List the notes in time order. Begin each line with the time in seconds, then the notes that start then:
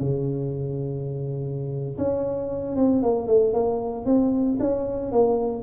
0.00 C#3
1.98 C#4
2.76 C4
3.03 A#3
3.28 A3
3.53 A#3
4.06 C4
4.60 C#4
5.12 A#3